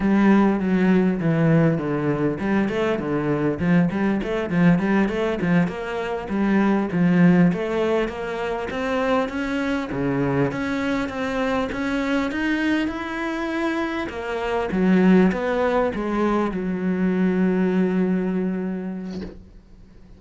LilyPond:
\new Staff \with { instrumentName = "cello" } { \time 4/4 \tempo 4 = 100 g4 fis4 e4 d4 | g8 a8 d4 f8 g8 a8 f8 | g8 a8 f8 ais4 g4 f8~ | f8 a4 ais4 c'4 cis'8~ |
cis'8 cis4 cis'4 c'4 cis'8~ | cis'8 dis'4 e'2 ais8~ | ais8 fis4 b4 gis4 fis8~ | fis1 | }